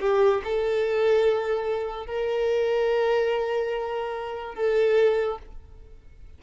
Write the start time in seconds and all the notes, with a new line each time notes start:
0.00 G4
0.44 A4
2.06 A#4
4.55 A4